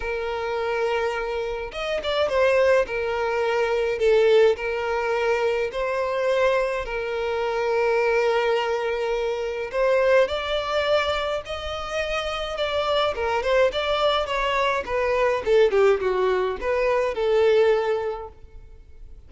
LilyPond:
\new Staff \with { instrumentName = "violin" } { \time 4/4 \tempo 4 = 105 ais'2. dis''8 d''8 | c''4 ais'2 a'4 | ais'2 c''2 | ais'1~ |
ais'4 c''4 d''2 | dis''2 d''4 ais'8 c''8 | d''4 cis''4 b'4 a'8 g'8 | fis'4 b'4 a'2 | }